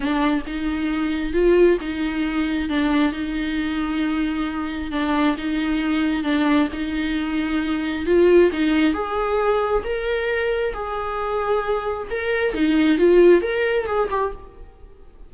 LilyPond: \new Staff \with { instrumentName = "viola" } { \time 4/4 \tempo 4 = 134 d'4 dis'2 f'4 | dis'2 d'4 dis'4~ | dis'2. d'4 | dis'2 d'4 dis'4~ |
dis'2 f'4 dis'4 | gis'2 ais'2 | gis'2. ais'4 | dis'4 f'4 ais'4 gis'8 g'8 | }